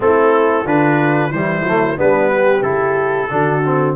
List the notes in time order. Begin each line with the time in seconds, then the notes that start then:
0.00 A3 C4 E4 A4
0.64 D3 D4 F4 B4
1.30 E3 G3 E4 C5
1.63 F#3 A3
1.97 G3 B3 D4 B4
2.30 G4
2.61 C#3 E4 A4
3.30 D3 D4 F#4
3.65 C4